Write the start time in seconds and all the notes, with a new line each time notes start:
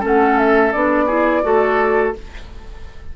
0.00 A3 C#4 A4
0.07 F#5
0.38 E5
0.72 B3 D4 D5
1.07 E4 G#4
1.43 A3 F#4 A4